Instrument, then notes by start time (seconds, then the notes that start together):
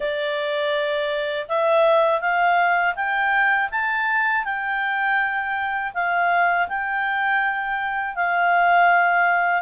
clarinet
0.00 D5
1.48 E5
2.20 F5
2.95 G5
3.71 A5
4.44 G5
5.94 F5
6.68 G5
8.15 F5